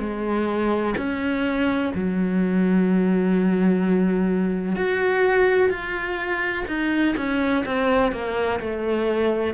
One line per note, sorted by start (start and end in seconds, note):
0.00 0.95 G#3
0.97 1.93 C#4
1.95 4.76 F#3
4.76 5.71 F#4
5.71 6.66 F4
6.68 7.16 D#4
7.17 7.65 C#4
7.66 8.12 C4
8.12 8.60 A#3
8.61 9.54 A3